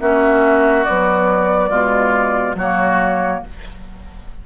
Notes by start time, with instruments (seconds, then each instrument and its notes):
0.00 bassoon A#3, clarinet C#4, oboe F#4, flute E5
0.84 clarinet F#3, bassoon B3, flute D5
1.69 bassoon B2, clarinet G#3, oboe F4
2.55 bassoon F#3, clarinet A#3, oboe F#4, flute C#5